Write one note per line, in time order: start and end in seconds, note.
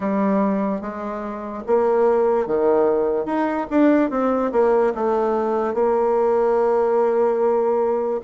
0.00 0.81 G3
0.81 1.63 G#3
1.67 2.47 A#3
2.47 3.25 D#3
3.25 3.67 D#4
3.70 4.10 D4
4.10 4.51 C4
4.52 4.93 A#3
4.94 5.73 A3
5.73 8.20 A#3